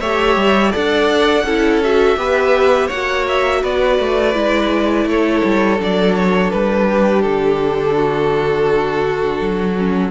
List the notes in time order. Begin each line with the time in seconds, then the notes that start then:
0.00 A3 G4 C#5 E5
0.36 G3
0.71 D4 A4 D5 F#5
1.44 C#4 E4 A4
1.83 F#4 E5
2.17 B3 G4 B4
2.87 A#3 F#4 C#5 F#5
3.28 E5
3.62 B3 B4 D5
3.99 A3
4.34 G#3 E4
5.05 A3 A4 C#5
5.44 G3
5.78 F#3 D4 D5
6.15 C#5
6.51 G3 B4
6.89 G4
7.22 D3 A4
7.96 F#4
9.40 F#3
9.79 C#4